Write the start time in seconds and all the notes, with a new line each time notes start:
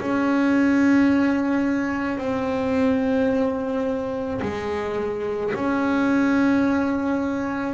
0.00 C#4
2.18 C4
4.41 G#3
5.54 C#4